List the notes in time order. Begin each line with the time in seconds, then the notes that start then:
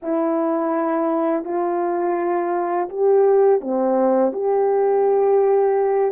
0.02 E4
1.44 F4
2.89 G4
3.60 C4
4.32 G4